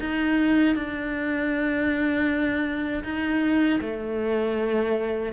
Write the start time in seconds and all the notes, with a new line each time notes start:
0.00 D#4
0.76 D4
3.04 D#4
3.81 A3